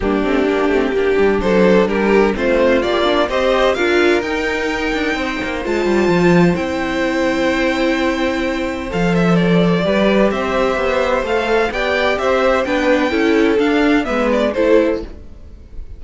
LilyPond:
<<
  \new Staff \with { instrumentName = "violin" } { \time 4/4 \tempo 4 = 128 g'2. c''4 | ais'4 c''4 d''4 dis''4 | f''4 g''2. | a''2 g''2~ |
g''2. f''8 e''8 | d''2 e''2 | f''4 g''4 e''4 g''4~ | g''4 f''4 e''8 d''8 c''4 | }
  \new Staff \with { instrumentName = "violin" } { \time 4/4 d'2 g'4 a'4 | g'4 f'2 c''4 | ais'2. c''4~ | c''1~ |
c''1~ | c''4 b'4 c''2~ | c''4 d''4 c''4 b'4 | a'2 b'4 a'4 | }
  \new Staff \with { instrumentName = "viola" } { \time 4/4 ais8 c'8 d'8 c'8 d'2~ | d'4 c'4 g'8 d'8 g'4 | f'4 dis'2. | f'2 e'2~ |
e'2. a'4~ | a'4 g'2. | a'4 g'2 d'4 | e'4 d'4 b4 e'4 | }
  \new Staff \with { instrumentName = "cello" } { \time 4/4 g8 a8 ais8 a8 ais8 g8 fis4 | g4 a4 ais4 c'4 | d'4 dis'4. d'8 c'8 ais8 | gis8 g8 f4 c'2~ |
c'2. f4~ | f4 g4 c'4 b4 | a4 b4 c'4 b4 | cis'4 d'4 gis4 a4 | }
>>